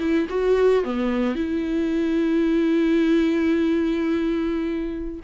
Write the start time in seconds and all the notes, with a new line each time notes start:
0.00 E4
0.30 F#4
0.85 B3
1.35 E4